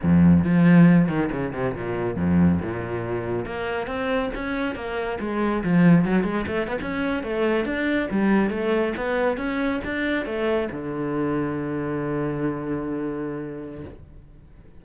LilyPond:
\new Staff \with { instrumentName = "cello" } { \time 4/4 \tempo 4 = 139 f,4 f4. dis8 cis8 c8 | ais,4 f,4 ais,2 | ais4 c'4 cis'4 ais4 | gis4 f4 fis8 gis8 a8 b16 cis'16~ |
cis'8. a4 d'4 g4 a16~ | a8. b4 cis'4 d'4 a16~ | a8. d2.~ d16~ | d1 | }